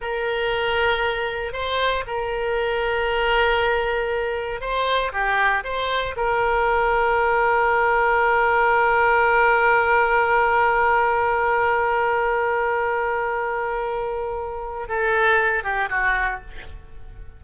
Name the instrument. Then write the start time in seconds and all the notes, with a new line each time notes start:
oboe
0.01 A#4
1.52 C5
2.06 A#4
4.60 C5
5.12 G4
5.64 C5
6.16 A#4
14.88 A4
15.63 G4
15.89 F#4